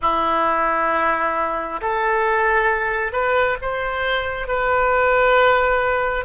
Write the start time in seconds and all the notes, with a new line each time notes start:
0.01 E4
1.81 A4
3.12 B4
3.61 C5
4.47 B4